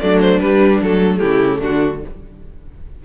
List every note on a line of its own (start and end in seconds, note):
0.00 0.40 F#3
0.00 0.41 A3
0.00 1.20 D4
0.00 0.20 D5
0.21 0.40 C5
0.40 0.81 G3
0.40 0.82 G3
0.40 0.80 B4
0.81 1.21 F#3
0.81 2.03 A3
0.81 1.19 A4
1.19 1.62 C#3
1.19 1.59 E4
1.19 1.59 G4
1.59 2.05 D3
1.59 2.00 D4
1.59 2.03 F#4